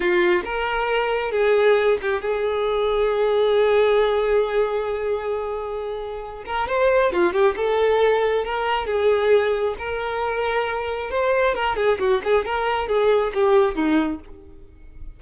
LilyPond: \new Staff \with { instrumentName = "violin" } { \time 4/4 \tempo 4 = 135 f'4 ais'2 gis'4~ | gis'8 g'8 gis'2.~ | gis'1~ | gis'2~ gis'8 ais'8 c''4 |
f'8 g'8 a'2 ais'4 | gis'2 ais'2~ | ais'4 c''4 ais'8 gis'8 fis'8 gis'8 | ais'4 gis'4 g'4 dis'4 | }